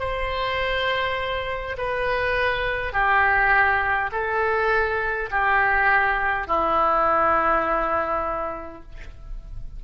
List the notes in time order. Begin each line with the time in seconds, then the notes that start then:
0.00 C5
1.78 B4
2.93 G4
4.12 A4
5.31 G4
6.48 E4